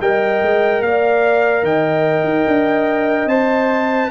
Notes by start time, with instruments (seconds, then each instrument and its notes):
0.00 tuba G3, trombone A#4, horn D#5, trumpet G5
0.42 tuba G#3
0.81 tuba A#3, horn D5, trumpet F5
1.62 tuba D#3, horn D#5, trumpet G5
2.24 tuba D#4
2.47 tuba D4
3.26 tuba C4, trombone C5, trumpet A5